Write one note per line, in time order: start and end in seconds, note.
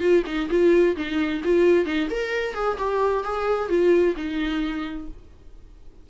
0.00 0.23 F4
0.26 0.49 D#4
0.50 0.96 F4
0.96 1.42 D#4
1.44 1.85 F4
1.85 2.08 D#4
2.10 2.54 A#4
2.54 2.77 G#4
2.78 3.24 G4
3.24 3.69 G#4
3.69 4.15 F4
4.16 5.08 D#4